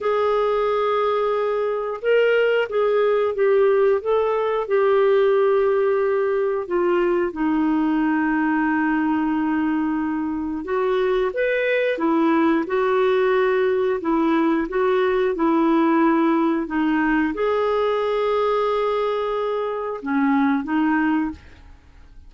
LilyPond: \new Staff \with { instrumentName = "clarinet" } { \time 4/4 \tempo 4 = 90 gis'2. ais'4 | gis'4 g'4 a'4 g'4~ | g'2 f'4 dis'4~ | dis'1 |
fis'4 b'4 e'4 fis'4~ | fis'4 e'4 fis'4 e'4~ | e'4 dis'4 gis'2~ | gis'2 cis'4 dis'4 | }